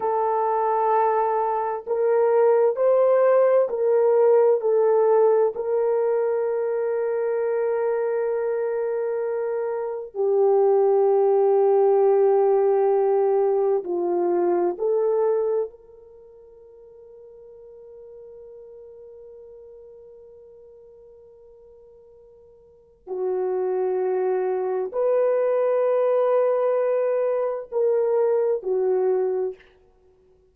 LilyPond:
\new Staff \with { instrumentName = "horn" } { \time 4/4 \tempo 4 = 65 a'2 ais'4 c''4 | ais'4 a'4 ais'2~ | ais'2. g'4~ | g'2. f'4 |
a'4 ais'2.~ | ais'1~ | ais'4 fis'2 b'4~ | b'2 ais'4 fis'4 | }